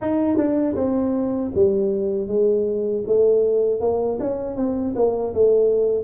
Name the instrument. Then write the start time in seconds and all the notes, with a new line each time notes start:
tuba
0.01 D#4
0.37 D4
0.75 C4
1.55 G3
2.27 G#3
3.07 A3
3.80 A#3
4.19 C#4
4.56 C4
4.95 A#3
5.34 A3